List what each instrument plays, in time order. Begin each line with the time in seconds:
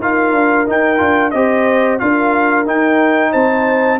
0.00 tuba D#4, trombone F4, horn A#4, trumpet F5
0.33 tuba D4
0.66 trombone D#4, tuba D#4, trumpet G5
0.97 tuba D4, trombone F4
1.31 tuba C4, trombone G4, horn C5, trumpet D#5
1.99 tuba D4, trombone F4, horn A#4, trumpet F5
2.66 trombone D#4, tuba D#4, trumpet G5
3.31 tuba C4, horn C5, trumpet A5